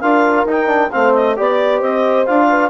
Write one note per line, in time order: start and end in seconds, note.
0.00 0.45 D4
0.00 0.47 F4
0.00 0.91 A#4
0.00 0.45 F5
0.45 0.90 D#4
0.45 0.67 D#4
0.45 0.91 G5
0.67 0.89 D4
0.91 1.38 A3
0.91 1.36 C4
0.91 1.37 C5
0.91 1.13 F5
1.13 1.36 D#5
1.36 1.81 B3
1.36 2.26 G4
1.36 1.77 D5
1.36 1.81 D5
1.77 2.26 C4
1.77 2.44 C5
1.77 2.25 D#5
2.26 2.70 D4
2.26 2.70 F4
2.26 2.70 F5
2.49 2.70 B4